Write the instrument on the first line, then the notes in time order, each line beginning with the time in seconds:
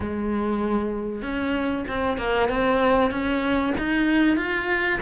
cello
0.00 G#3
1.22 C#4
1.88 C4
2.17 A#3
2.48 C4
3.10 C#4
3.78 D#4
4.37 F4